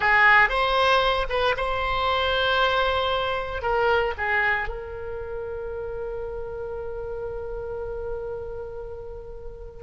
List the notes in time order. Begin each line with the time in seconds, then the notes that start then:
0.00 G#4
0.49 C5
1.29 B4
1.56 C5
3.62 A#4
4.17 G#4
4.68 A#4